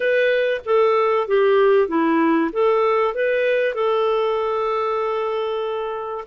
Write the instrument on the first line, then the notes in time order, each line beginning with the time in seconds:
clarinet
0.00 B4
0.65 A4
1.27 G4
1.88 E4
2.52 A4
3.14 B4
3.74 A4